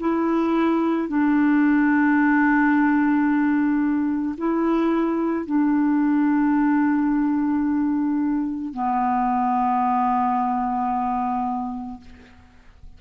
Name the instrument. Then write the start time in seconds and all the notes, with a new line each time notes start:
clarinet
0.00 E4
1.09 D4
4.37 E4
5.46 D4
8.74 B3